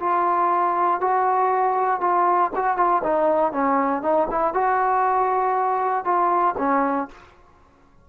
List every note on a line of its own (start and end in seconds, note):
0.00 1.01 F4
1.01 2.01 F#4
2.01 2.51 F4
2.56 2.77 F#4
2.77 3.02 F4
3.03 3.52 D#4
3.52 4.02 C#4
4.02 4.28 D#4
4.31 4.54 E4
4.54 6.05 F#4
6.05 6.55 F4
6.58 7.08 C#4